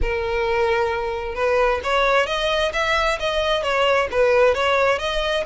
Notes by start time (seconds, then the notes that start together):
0.01 A#4
1.34 B4
1.83 C#5
2.26 D#5
2.73 E5
3.19 D#5
3.62 C#5
4.11 B4
4.54 C#5
4.98 D#5